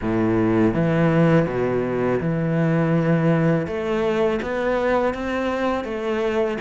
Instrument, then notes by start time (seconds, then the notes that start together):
cello
0.01 A2
0.74 E3
1.46 B2
2.20 E3
3.67 A3
4.42 B3
5.14 C4
5.84 A3